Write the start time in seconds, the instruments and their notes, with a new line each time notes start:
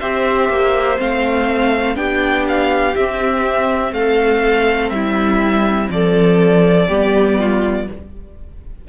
0.00 cello C4, viola G4, violin C5 E5
0.49 cello A#3
0.98 cello A3, viola C4, violin F5
1.96 cello B3, viola D4, violin G4 G5
2.48 violin F5
2.96 cello C4, viola C4, violin E5
3.92 cello A3, violin A4 F5
4.90 cello G3, violin E4 E5
5.90 cello F3, violin A4 D5
6.88 cello G3, viola B3, violin G4
7.40 violin F4